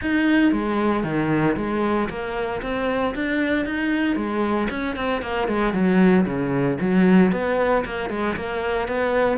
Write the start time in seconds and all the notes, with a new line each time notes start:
0.01 D#4
0.51 G#3
1.03 D#3
1.56 G#3
2.09 A#3
2.62 C4
3.14 D4
3.65 D#4
4.15 G#3
4.70 C#4
4.95 C4
5.22 A#3
5.48 G#3
5.73 F#3
6.25 C#3
6.81 F#3
7.32 B3
7.85 A#3
8.09 G#3
8.35 A#3
8.88 B3